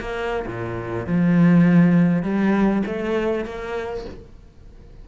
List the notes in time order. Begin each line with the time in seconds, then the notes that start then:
0.00 A#3
0.46 A#2
1.06 F3
2.22 G3
2.86 A3
3.44 A#3